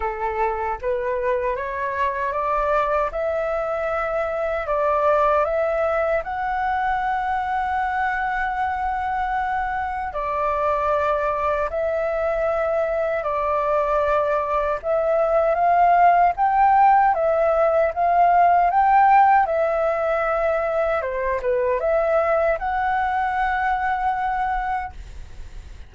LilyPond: \new Staff \with { instrumentName = "flute" } { \time 4/4 \tempo 4 = 77 a'4 b'4 cis''4 d''4 | e''2 d''4 e''4 | fis''1~ | fis''4 d''2 e''4~ |
e''4 d''2 e''4 | f''4 g''4 e''4 f''4 | g''4 e''2 c''8 b'8 | e''4 fis''2. | }